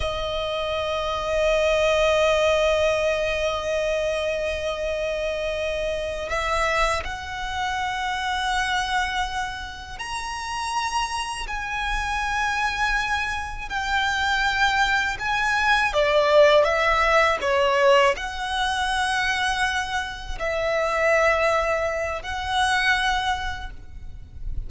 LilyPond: \new Staff \with { instrumentName = "violin" } { \time 4/4 \tempo 4 = 81 dis''1~ | dis''1~ | dis''8 e''4 fis''2~ fis''8~ | fis''4. ais''2 gis''8~ |
gis''2~ gis''8 g''4.~ | g''8 gis''4 d''4 e''4 cis''8~ | cis''8 fis''2. e''8~ | e''2 fis''2 | }